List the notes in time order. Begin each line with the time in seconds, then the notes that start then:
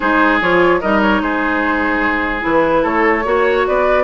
0.00 G#3 D#4 G#4 C5
0.40 F3 F4 C#5
0.81 G3 D#4 A#4 D#5
1.01 C#5
1.21 G#3 G#4 C5
2.40 E3 E4 B4
2.82 A3 A4 C#5
3.24 A#3 F#4 C#5
3.66 B3 B4 D5